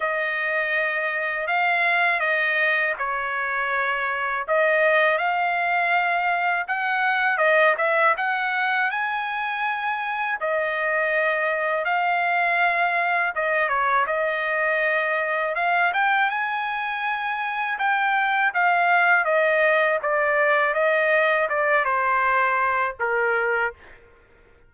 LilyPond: \new Staff \with { instrumentName = "trumpet" } { \time 4/4 \tempo 4 = 81 dis''2 f''4 dis''4 | cis''2 dis''4 f''4~ | f''4 fis''4 dis''8 e''8 fis''4 | gis''2 dis''2 |
f''2 dis''8 cis''8 dis''4~ | dis''4 f''8 g''8 gis''2 | g''4 f''4 dis''4 d''4 | dis''4 d''8 c''4. ais'4 | }